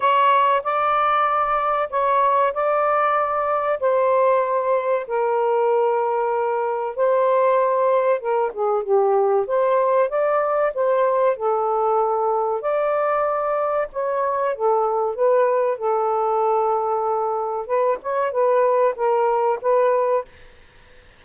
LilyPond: \new Staff \with { instrumentName = "saxophone" } { \time 4/4 \tempo 4 = 95 cis''4 d''2 cis''4 | d''2 c''2 | ais'2. c''4~ | c''4 ais'8 gis'8 g'4 c''4 |
d''4 c''4 a'2 | d''2 cis''4 a'4 | b'4 a'2. | b'8 cis''8 b'4 ais'4 b'4 | }